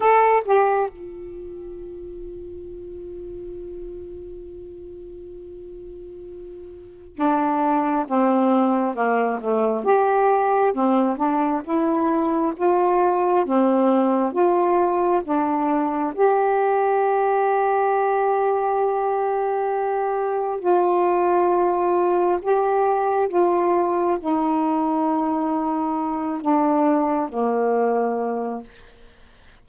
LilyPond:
\new Staff \with { instrumentName = "saxophone" } { \time 4/4 \tempo 4 = 67 a'8 g'8 f'2.~ | f'1 | d'4 c'4 ais8 a8 g'4 | c'8 d'8 e'4 f'4 c'4 |
f'4 d'4 g'2~ | g'2. f'4~ | f'4 g'4 f'4 dis'4~ | dis'4. d'4 ais4. | }